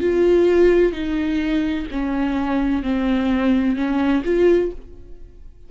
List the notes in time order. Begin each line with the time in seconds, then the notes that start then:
0.00 F4
0.92 D#4
1.91 C#4
2.83 C4
3.76 C#4
4.24 F4